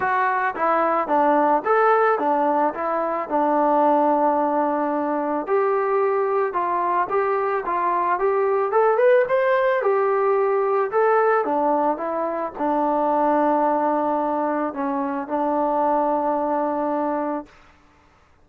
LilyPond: \new Staff \with { instrumentName = "trombone" } { \time 4/4 \tempo 4 = 110 fis'4 e'4 d'4 a'4 | d'4 e'4 d'2~ | d'2 g'2 | f'4 g'4 f'4 g'4 |
a'8 b'8 c''4 g'2 | a'4 d'4 e'4 d'4~ | d'2. cis'4 | d'1 | }